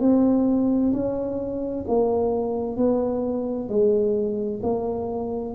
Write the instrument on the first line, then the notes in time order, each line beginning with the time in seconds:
tuba
0.00 C4
0.93 C#4
1.88 A#3
2.77 B3
3.68 G#3
4.62 A#3